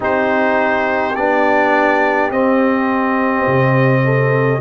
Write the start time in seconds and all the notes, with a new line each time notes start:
0.00 C4 D#4 G4 C5
1.15 B3 D4 D5
2.30 C4 D#5
3.46 C3
4.04 A4